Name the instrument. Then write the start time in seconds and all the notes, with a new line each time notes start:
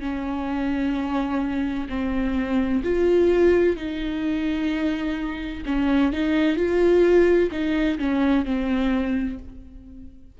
viola
0.00 C#4
1.89 C4
2.83 F4
3.76 D#4
5.65 C#4
6.12 D#4
6.56 F4
7.51 D#4
7.99 C#4
8.45 C4